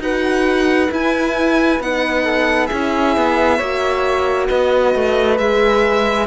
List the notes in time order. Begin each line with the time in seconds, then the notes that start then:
0.00 D#4 F#4 B4 F#5
0.91 E4 G#5
1.80 B3 D#4 F#5
2.25 A4
2.67 C#4 E4 G#4 E5
3.17 B3
3.58 A#3 F#4 C#5
4.48 B3 B4 D#5
4.95 A3
5.38 G#3 G#4 E5